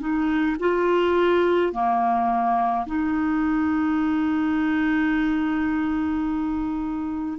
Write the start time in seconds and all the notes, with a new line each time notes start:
0.00 D#4
0.60 F4
1.73 A#3
2.87 D#4